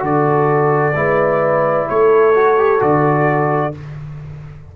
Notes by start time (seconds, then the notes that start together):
0.00 D3 F#4 A4 D5
0.95 G#3 E4 B4
1.89 A3 A4 C#5
2.35 F#4
2.58 G4
2.80 D3 F#4 D5